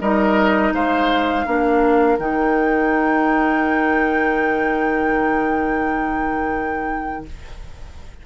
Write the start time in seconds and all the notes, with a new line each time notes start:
0.00 G3 D#4 A#4 D#5
0.73 G#3 C5 F5
1.45 A#3 D4 A#4
2.18 D#3 D#4 G5